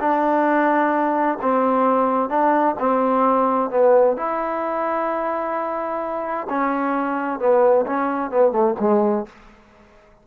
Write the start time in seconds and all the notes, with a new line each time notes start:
0.00 D4
1.42 C4
2.30 D4
2.79 C4
3.71 B3
4.17 E4
6.50 C#4
7.40 B3
7.87 C#4
8.31 B3
8.52 A3
8.80 G#3